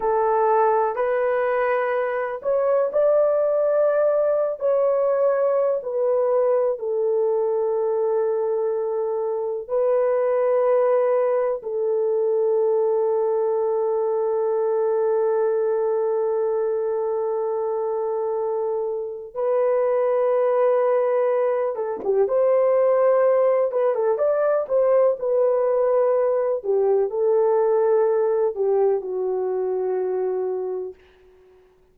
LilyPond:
\new Staff \with { instrumentName = "horn" } { \time 4/4 \tempo 4 = 62 a'4 b'4. cis''8 d''4~ | d''8. cis''4~ cis''16 b'4 a'4~ | a'2 b'2 | a'1~ |
a'1 | b'2~ b'8 a'16 g'16 c''4~ | c''8 b'16 a'16 d''8 c''8 b'4. g'8 | a'4. g'8 fis'2 | }